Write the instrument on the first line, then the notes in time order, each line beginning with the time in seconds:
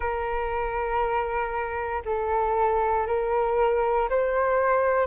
flute
0.00 A#4
2.05 A4
3.06 A#4
4.09 C5